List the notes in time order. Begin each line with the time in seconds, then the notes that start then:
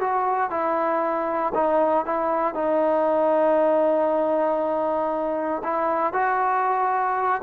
0.00 F#4
0.50 E4
1.54 D#4
2.06 E4
2.54 D#4
5.63 E4
6.13 F#4